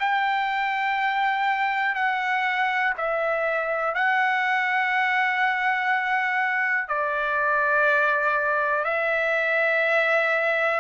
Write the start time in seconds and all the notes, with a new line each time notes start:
0.00 G5
1.95 F#5
2.98 E5
3.95 F#5
6.89 D5
8.85 E5